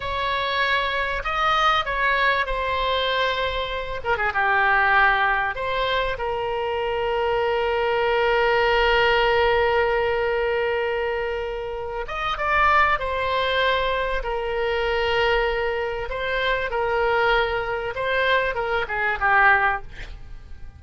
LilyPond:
\new Staff \with { instrumentName = "oboe" } { \time 4/4 \tempo 4 = 97 cis''2 dis''4 cis''4 | c''2~ c''8 ais'16 gis'16 g'4~ | g'4 c''4 ais'2~ | ais'1~ |
ais'2.~ ais'8 dis''8 | d''4 c''2 ais'4~ | ais'2 c''4 ais'4~ | ais'4 c''4 ais'8 gis'8 g'4 | }